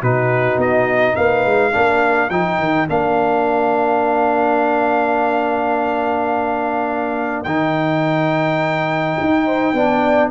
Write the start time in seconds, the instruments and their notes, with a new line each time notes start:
0.00 tuba B2, trombone D#4, horn F#4, trumpet B4
0.57 tuba B3, trumpet D#5
1.16 tuba A#3, horn B4, trumpet F5
1.45 tuba G#3
1.72 tuba A#3, trombone D4, horn A#4
2.30 tuba F3, trombone D#4, trumpet G5
2.58 tuba D#3
2.89 tuba A#3, trombone D4, trumpet F5
7.44 tuba D#3, trombone D#4, trumpet G5
9.20 tuba D#4
9.45 horn C5
9.73 tuba B3, trombone D4, horn D5